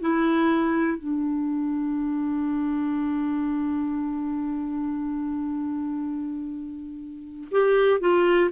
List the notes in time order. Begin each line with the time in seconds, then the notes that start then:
0.00 E4
0.98 D4
7.51 G4
8.00 F4